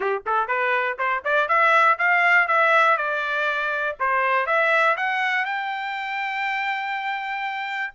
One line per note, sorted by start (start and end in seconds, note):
0.00 0.22 G4
0.26 0.47 A4
0.47 0.97 B4
0.98 1.23 C5
1.24 1.48 D5
1.48 1.97 E5
1.98 2.47 F5
2.47 2.97 E5
2.97 3.96 D5
3.99 4.46 C5
4.46 4.95 E5
4.96 5.45 F#5
5.45 7.93 G5